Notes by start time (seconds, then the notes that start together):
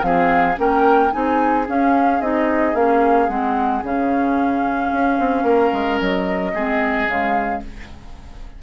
0.00 F3 C4 G#4 F5
0.56 A#3 C#4 A#4 G5
1.11 C4 D#4 G#4 G#5
1.67 C#4 F5
2.20 C4 D#4 D#5
2.74 A#3 C#4 F5
3.28 G#3 C4 F#5
3.82 C#3 C#4 F5
4.92 C#4
5.18 C4
5.42 A#3 A#4
5.72 G#3
6.00 F#3 D#5
6.53 G#3 C4 G#4
7.06 C#3 G#3 F5